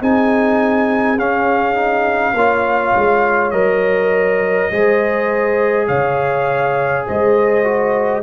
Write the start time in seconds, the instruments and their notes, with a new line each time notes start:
0.00 tuba C4, trombone D#4, horn G#4, trumpet G#5
1.18 tuba C#4, trombone C#4, trumpet F5
1.75 trombone D#4
2.34 tuba A#3, trombone F4, horn C#5
2.96 tuba G#3
3.51 tuba F#3, trombone A#4, trumpet D#5
4.71 tuba G#3, trombone G#4, horn C5
5.88 tuba C#3, horn C#5, trumpet F5
7.07 tuba G#3, horn C5, trumpet D#5
7.64 trombone F#4